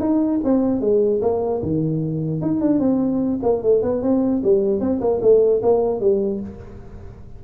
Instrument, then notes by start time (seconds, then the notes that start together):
tuba
0.00 D#4
0.45 C4
0.81 G#3
1.22 A#3
1.63 D#3
2.42 D#4
2.61 D4
2.80 C4
3.43 A#3
3.63 A3
3.83 B3
4.03 C4
4.44 G3
4.81 C4
5.01 A#3
5.22 A3
5.63 A#3
6.01 G3